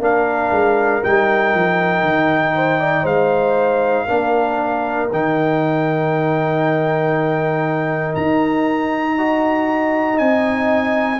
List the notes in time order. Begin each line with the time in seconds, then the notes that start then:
0.00 A#3 D4 A#4 F5
0.52 G#3
1.03 G3 D#4 G5
1.55 F3
2.03 D#3
2.55 C5
2.80 D5
3.04 G#3 C5 F5
4.06 A#3 D4 A#4
5.12 D#3 D#4 G5
8.15 D#4 A#5
9.18 F#4 D#5
10.15 C4 D#4 G#5